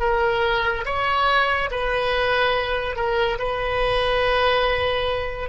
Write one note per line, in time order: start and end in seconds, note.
0.00 0.85 A#4
0.85 1.70 C#5
1.71 2.96 B4
2.96 3.38 A#4
3.38 5.49 B4